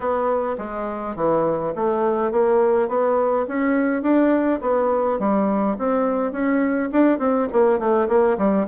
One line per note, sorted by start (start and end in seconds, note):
0.00 0.56 B3
0.58 1.15 G#3
1.15 1.73 E3
1.75 2.31 A3
2.31 2.88 A#3
2.88 3.46 B3
3.48 4.02 C#4
4.02 4.59 D4
4.61 5.19 B3
5.19 5.76 G3
5.78 6.32 C4
6.32 6.89 C#4
6.92 7.19 D4
7.19 7.47 C4
7.52 7.79 A#3
7.79 8.08 A3
8.08 8.37 A#3
8.38 8.66 G3